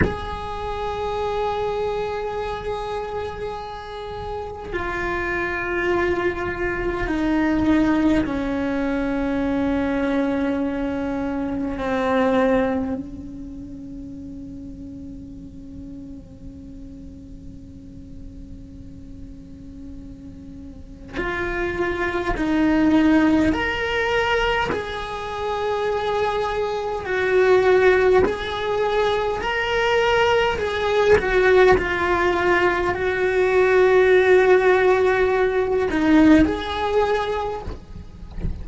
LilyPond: \new Staff \with { instrumentName = "cello" } { \time 4/4 \tempo 4 = 51 gis'1 | f'2 dis'4 cis'4~ | cis'2 c'4 cis'4~ | cis'1~ |
cis'2 f'4 dis'4 | ais'4 gis'2 fis'4 | gis'4 ais'4 gis'8 fis'8 f'4 | fis'2~ fis'8 dis'8 gis'4 | }